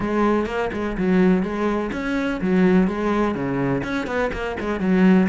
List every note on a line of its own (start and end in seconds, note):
0.00 0.46 G#3
0.46 0.70 A#3
0.72 0.96 G#3
0.97 1.42 F#3
1.42 1.90 G#3
1.92 2.40 C#4
2.41 2.87 F#3
2.87 3.34 G#3
3.34 3.82 C#3
3.83 4.06 C#4
4.06 4.30 B3
4.32 4.56 A#3
4.60 4.80 G#3
4.80 5.28 F#3